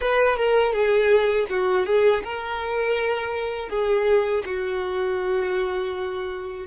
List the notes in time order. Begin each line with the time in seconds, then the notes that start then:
0.00 B4
0.36 A#4
0.72 G#4
1.49 F#4
1.86 G#4
2.24 A#4
3.69 G#4
4.45 F#4